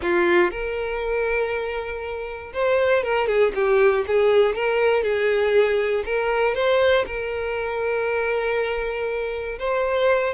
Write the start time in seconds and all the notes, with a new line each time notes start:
0.02 F4
0.50 A#4
2.53 C5
3.03 A#4
3.27 G#4
3.54 G4
4.07 G#4
4.55 A#4
5.03 G#4
6.05 A#4
6.54 C5
7.06 A#4
9.58 C5